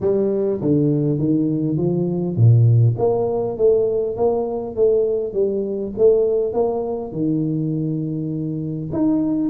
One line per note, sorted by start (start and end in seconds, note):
0.01 0.60 G3
0.61 1.19 D3
1.19 1.77 D#3
1.77 2.36 F3
2.36 2.95 A#2
2.98 3.57 A#3
3.57 4.16 A3
4.16 4.75 A#3
4.75 5.33 A3
5.33 5.92 G3
5.97 6.53 A3
6.53 7.12 A#3
7.12 8.90 D#3
8.92 9.49 D#4